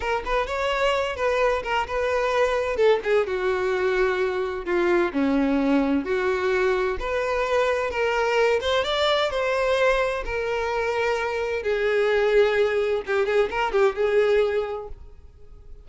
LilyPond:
\new Staff \with { instrumentName = "violin" } { \time 4/4 \tempo 4 = 129 ais'8 b'8 cis''4. b'4 ais'8 | b'2 a'8 gis'8 fis'4~ | fis'2 f'4 cis'4~ | cis'4 fis'2 b'4~ |
b'4 ais'4. c''8 d''4 | c''2 ais'2~ | ais'4 gis'2. | g'8 gis'8 ais'8 g'8 gis'2 | }